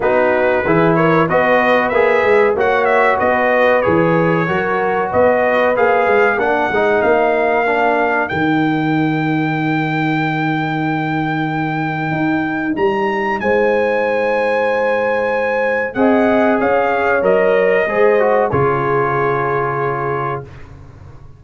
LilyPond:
<<
  \new Staff \with { instrumentName = "trumpet" } { \time 4/4 \tempo 4 = 94 b'4. cis''8 dis''4 e''4 | fis''8 e''8 dis''4 cis''2 | dis''4 f''4 fis''4 f''4~ | f''4 g''2.~ |
g''1 | ais''4 gis''2.~ | gis''4 fis''4 f''4 dis''4~ | dis''4 cis''2. | }
  \new Staff \with { instrumentName = "horn" } { \time 4/4 fis'4 gis'8 ais'8 b'2 | cis''4 b'2 ais'4 | b'2 ais'2~ | ais'1~ |
ais'1~ | ais'4 c''2.~ | c''4 dis''4 cis''2 | c''4 gis'2. | }
  \new Staff \with { instrumentName = "trombone" } { \time 4/4 dis'4 e'4 fis'4 gis'4 | fis'2 gis'4 fis'4~ | fis'4 gis'4 d'8 dis'4. | d'4 dis'2.~ |
dis'1~ | dis'1~ | dis'4 gis'2 ais'4 | gis'8 fis'8 f'2. | }
  \new Staff \with { instrumentName = "tuba" } { \time 4/4 b4 e4 b4 ais8 gis8 | ais4 b4 e4 fis4 | b4 ais8 gis8 ais8 gis8 ais4~ | ais4 dis2.~ |
dis2. dis'4 | g4 gis2.~ | gis4 c'4 cis'4 fis4 | gis4 cis2. | }
>>